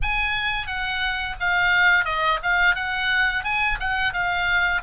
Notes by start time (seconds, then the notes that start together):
0.02 G#5
0.66 F#5
1.39 F5
2.04 D#5
2.42 F5
2.75 F#5
3.44 G#5
3.79 F#5
4.13 F5